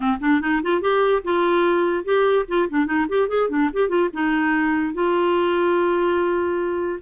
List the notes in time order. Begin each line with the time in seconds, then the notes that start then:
0.00 C4
0.20 D4
0.41 D#4
0.62 F4
0.81 G4
1.23 F4
2.04 G4
2.48 F4
2.69 D4
2.86 D#4
3.08 G4
3.28 G#4
3.49 D4
3.73 G4
3.88 F4
4.13 D#4
4.94 F4